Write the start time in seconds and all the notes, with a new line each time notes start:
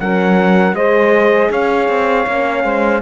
0.00 F#3 C#4 A#4 F#5
0.73 G#3 G#4 C5 D#5
1.51 C#4 C#5 F5
1.89 C4
2.27 A#3 C#4
2.64 G#3 C5